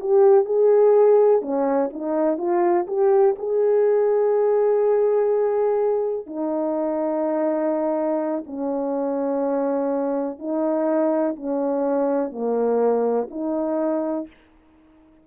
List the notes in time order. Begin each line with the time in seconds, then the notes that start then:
0.00 G4
0.45 G#4
1.42 C#4
1.93 D#4
2.38 F4
2.87 G4
3.39 G#4
6.26 D#4
8.46 C#4
10.39 D#4
11.36 C#4
12.32 A#3
13.31 D#4